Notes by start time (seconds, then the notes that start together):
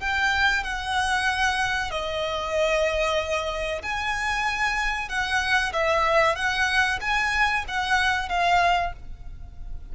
0.00 G5
0.64 F#5
1.91 D#5
3.82 G#5
5.09 F#5
5.73 E5
6.36 F#5
7.01 G#5
7.68 F#5
8.29 F5